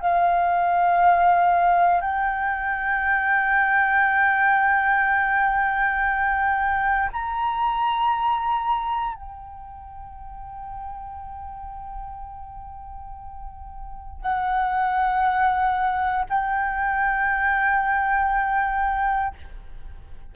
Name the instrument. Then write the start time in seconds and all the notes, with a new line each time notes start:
flute
0.00 F5
2.01 G5
7.12 A#5
9.14 G5
14.21 F#5
16.29 G5